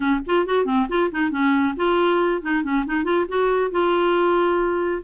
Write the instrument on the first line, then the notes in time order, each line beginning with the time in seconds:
clarinet
0.00 C#4
0.26 F4
0.46 F#4
0.65 C4
0.88 F4
1.11 D#4
1.30 C#4
1.76 F4
2.41 D#4
2.63 C#4
2.86 D#4
3.04 F4
3.28 F#4
3.71 F4